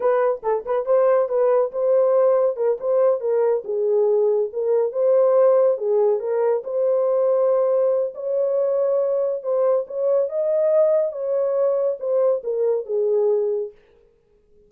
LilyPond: \new Staff \with { instrumentName = "horn" } { \time 4/4 \tempo 4 = 140 b'4 a'8 b'8 c''4 b'4 | c''2 ais'8 c''4 ais'8~ | ais'8 gis'2 ais'4 c''8~ | c''4. gis'4 ais'4 c''8~ |
c''2. cis''4~ | cis''2 c''4 cis''4 | dis''2 cis''2 | c''4 ais'4 gis'2 | }